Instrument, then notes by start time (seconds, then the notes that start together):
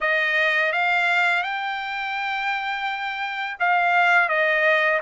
trumpet
0.01 D#5
0.72 F5
1.43 G5
3.59 F5
4.28 D#5